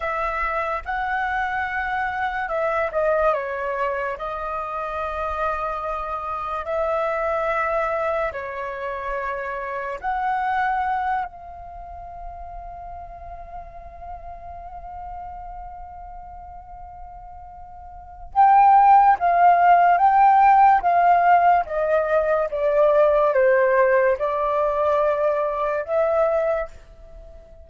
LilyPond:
\new Staff \with { instrumentName = "flute" } { \time 4/4 \tempo 4 = 72 e''4 fis''2 e''8 dis''8 | cis''4 dis''2. | e''2 cis''2 | fis''4. f''2~ f''8~ |
f''1~ | f''2 g''4 f''4 | g''4 f''4 dis''4 d''4 | c''4 d''2 e''4 | }